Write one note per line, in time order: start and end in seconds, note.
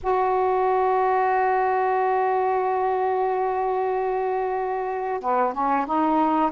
0.02 5.21 F#4
5.21 5.53 B3
5.53 5.85 C#4
5.85 6.51 D#4